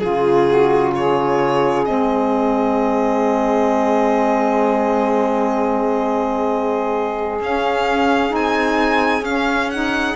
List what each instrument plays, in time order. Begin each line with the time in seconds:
0.00 cello C#3, saxophone F4, violin G#4
0.47 saxophone F#4
0.95 saxophone G#4, violin C#5
1.85 cello G#3, saxophone C4, violin D#5
7.40 cello C#4, saxophone C#4, violin F5
8.29 cello C4, saxophone D#4
8.35 violin G#5
9.22 cello C#4, saxophone C#4, violin F5
9.71 saxophone D#4, violin F#5